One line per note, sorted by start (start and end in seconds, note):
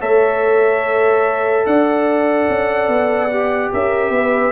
0.00 1.65 A3
0.00 3.30 A4
0.00 1.64 C#5
0.00 1.66 E5
1.66 2.48 D4
1.66 3.73 D5
1.66 3.72 F#5
2.49 2.88 C#4
2.88 3.70 B3
3.30 4.52 G4
3.73 4.10 C#4
3.73 4.14 A#4
3.73 4.52 E5
4.10 4.51 B3
4.10 4.52 B4